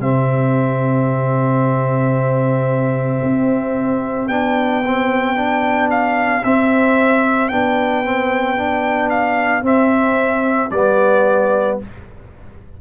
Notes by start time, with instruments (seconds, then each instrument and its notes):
0.00 tuba C3, trombone C4, horn G4, trumpet E5
3.23 tuba C4
4.28 tuba B3, trombone D4, trumpet G5
4.86 trombone C4
5.36 trombone D4
5.91 trumpet F5
6.44 trombone C4, tuba C4, trumpet E5
7.49 tuba B3, trombone D4, trumpet G5
8.04 trombone C4
8.57 trombone D4
9.10 trumpet F5
9.62 trombone C4, tuba C4, trumpet E5
10.71 tuba G3, trombone B3, trumpet D5